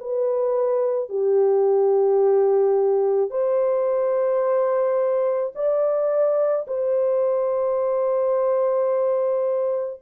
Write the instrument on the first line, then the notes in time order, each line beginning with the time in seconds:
horn
0.00 B4
1.10 G4
3.31 C5
5.56 D5
6.68 C5